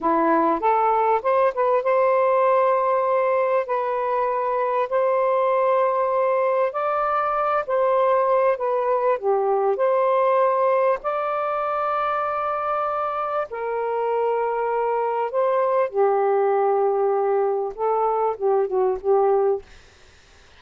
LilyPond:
\new Staff \with { instrumentName = "saxophone" } { \time 4/4 \tempo 4 = 98 e'4 a'4 c''8 b'8 c''4~ | c''2 b'2 | c''2. d''4~ | d''8 c''4. b'4 g'4 |
c''2 d''2~ | d''2 ais'2~ | ais'4 c''4 g'2~ | g'4 a'4 g'8 fis'8 g'4 | }